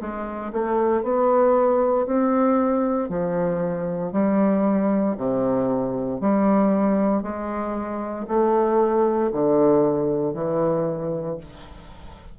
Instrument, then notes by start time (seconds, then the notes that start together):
bassoon
0.00 G#3
0.52 A3
1.03 B3
2.06 C4
3.09 F3
4.12 G3
5.17 C3
6.20 G3
7.22 G#3
8.27 A3
9.32 D3
10.34 E3